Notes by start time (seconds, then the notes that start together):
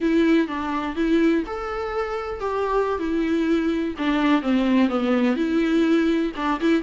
0.00 E4
0.47 D4
0.95 E4
1.46 A4
2.40 G4
2.98 E4
3.98 D4
4.41 C4
4.88 B3
5.36 E4
6.36 D4
6.60 E4